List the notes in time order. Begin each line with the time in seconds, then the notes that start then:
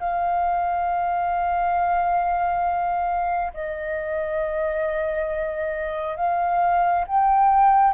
0.00 F5
3.54 D#5
6.17 F5
7.07 G5